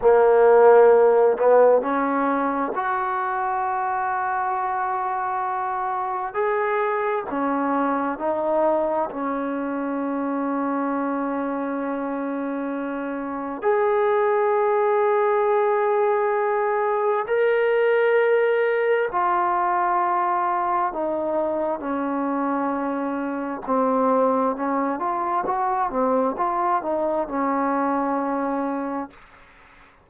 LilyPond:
\new Staff \with { instrumentName = "trombone" } { \time 4/4 \tempo 4 = 66 ais4. b8 cis'4 fis'4~ | fis'2. gis'4 | cis'4 dis'4 cis'2~ | cis'2. gis'4~ |
gis'2. ais'4~ | ais'4 f'2 dis'4 | cis'2 c'4 cis'8 f'8 | fis'8 c'8 f'8 dis'8 cis'2 | }